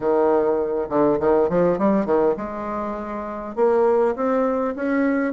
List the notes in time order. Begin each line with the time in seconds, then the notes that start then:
0.00 D#3
0.89 D3
1.19 D#3
1.49 F3
1.78 G3
2.05 D#3
2.36 G#3
3.55 A#3
4.15 C4
4.75 C#4